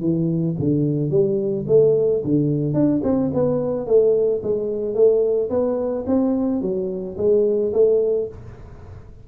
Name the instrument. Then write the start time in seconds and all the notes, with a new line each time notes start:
tuba
0.00 E3
0.59 D3
1.10 G3
1.67 A3
2.24 D3
2.73 D4
3.03 C4
3.33 B3
3.86 A3
4.43 G#3
4.94 A3
5.49 B3
6.06 C4
6.61 F#3
7.17 G#3
7.72 A3